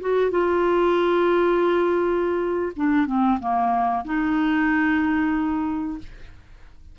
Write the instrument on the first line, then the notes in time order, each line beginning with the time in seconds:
clarinet
0.00 F#4
0.30 F4
2.76 D4
3.06 C4
3.39 A#3
4.04 D#4